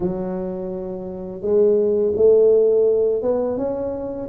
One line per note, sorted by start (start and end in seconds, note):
0.00 1.41 F#3
1.41 2.12 G#3
2.16 3.22 A3
3.22 3.57 B3
3.57 4.29 C#4